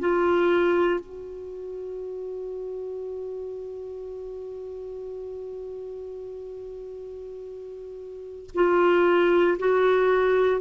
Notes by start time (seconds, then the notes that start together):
0.00 F4
1.01 F#4
8.55 F4
9.60 F#4